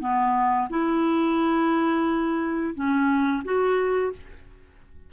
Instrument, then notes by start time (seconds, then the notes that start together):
clarinet
0.00 B3
0.69 E4
2.75 C#4
3.44 F#4